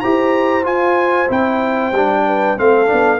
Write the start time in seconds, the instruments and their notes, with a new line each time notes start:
0.00 tuba E4, trombone G4, horn C5, trumpet A#5
0.63 trombone F4, tuba F4, trumpet G#5
1.28 tuba C4, trombone E4, trumpet G5
1.91 tuba G3, trombone D4
2.26 horn B4
2.57 tuba A3, trombone C4, horn A4, trumpet F5
2.86 tuba B3, trombone D4